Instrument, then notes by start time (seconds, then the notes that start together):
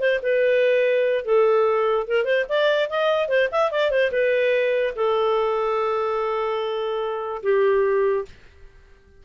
clarinet
0.00 C5
0.23 B4
1.25 A4
2.08 A#4
2.25 C5
2.49 D5
2.90 D#5
3.29 C5
3.52 E5
3.72 D5
3.91 C5
4.12 B4
4.96 A4
7.43 G4